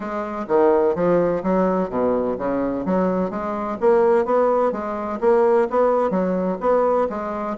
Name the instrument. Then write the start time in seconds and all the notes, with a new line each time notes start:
bassoon
0.00 G#3
0.47 D#3
0.95 F3
1.43 F#3
1.89 B2
2.38 C#3
2.85 F#3
3.30 G#3
3.80 A#3
4.25 B3
4.71 G#3
5.20 A#3
5.70 B3
6.10 F#3
6.60 B3
7.09 G#3